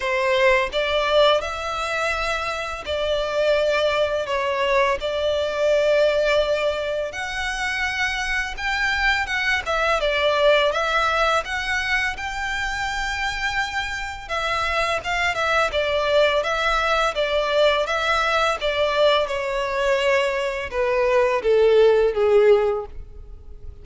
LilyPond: \new Staff \with { instrumentName = "violin" } { \time 4/4 \tempo 4 = 84 c''4 d''4 e''2 | d''2 cis''4 d''4~ | d''2 fis''2 | g''4 fis''8 e''8 d''4 e''4 |
fis''4 g''2. | e''4 f''8 e''8 d''4 e''4 | d''4 e''4 d''4 cis''4~ | cis''4 b'4 a'4 gis'4 | }